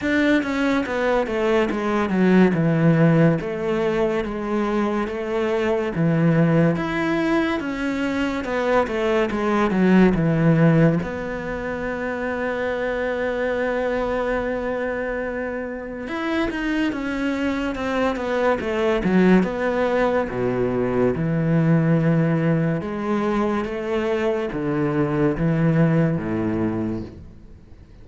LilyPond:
\new Staff \with { instrumentName = "cello" } { \time 4/4 \tempo 4 = 71 d'8 cis'8 b8 a8 gis8 fis8 e4 | a4 gis4 a4 e4 | e'4 cis'4 b8 a8 gis8 fis8 | e4 b2.~ |
b2. e'8 dis'8 | cis'4 c'8 b8 a8 fis8 b4 | b,4 e2 gis4 | a4 d4 e4 a,4 | }